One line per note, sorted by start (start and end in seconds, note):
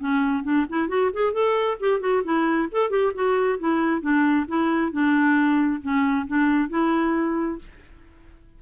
0.00 0.44 C#4
0.44 0.66 D4
0.69 0.89 E4
0.89 1.11 F#4
1.13 1.33 G#4
1.33 1.78 A4
1.80 2.00 G4
2.00 2.23 F#4
2.24 2.69 E4
2.72 2.90 A4
2.90 3.13 G4
3.15 3.59 F#4
3.59 4.02 E4
4.02 4.46 D4
4.48 4.92 E4
4.92 5.82 D4
5.82 6.27 C#4
6.27 6.70 D4
6.70 7.59 E4